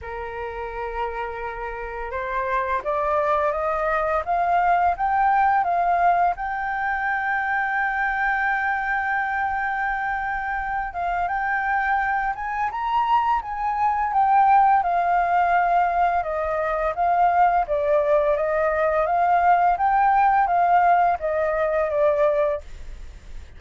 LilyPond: \new Staff \with { instrumentName = "flute" } { \time 4/4 \tempo 4 = 85 ais'2. c''4 | d''4 dis''4 f''4 g''4 | f''4 g''2.~ | g''2.~ g''8 f''8 |
g''4. gis''8 ais''4 gis''4 | g''4 f''2 dis''4 | f''4 d''4 dis''4 f''4 | g''4 f''4 dis''4 d''4 | }